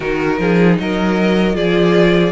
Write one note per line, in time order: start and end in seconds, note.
0.00 0.39 D#3
0.00 1.53 D#4
0.00 0.39 F#4
0.00 0.77 A#4
0.39 0.78 F3
0.39 0.79 G#4
0.78 1.56 F#3
0.78 1.55 A#4
0.78 1.56 D#5
1.53 2.32 F3
1.53 2.31 F4
1.53 2.32 G#4
1.53 2.32 D5